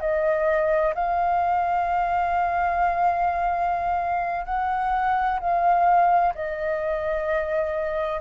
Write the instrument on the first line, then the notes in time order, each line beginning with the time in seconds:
flute
0.00 D#5
0.95 F5
4.45 F#5
5.40 F5
6.35 D#5